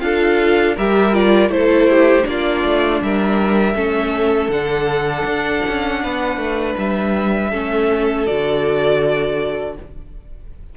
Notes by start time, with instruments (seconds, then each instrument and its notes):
0.00 cello D4, viola F4, violin A4 F5
0.75 cello G3, viola G4, violin A#4 E5
1.13 viola F4, violin D5
1.49 cello A3, viola E4, violin A4 C5
1.90 violin G4
2.22 cello A#3, viola D4, violin F4 D5
2.64 cello A3
3.02 cello G3, violin A#4 E5
3.74 cello A3, viola C#4, violin A4
4.48 cello D3, viola D4, violin F#5
5.25 cello D4
5.68 cello C#4
6.03 cello B3, violin B4
6.37 cello A3
6.77 cello G3, violin E5
7.50 cello A3, viola C#4, violin A4
8.26 cello D3, viola F#4, violin D5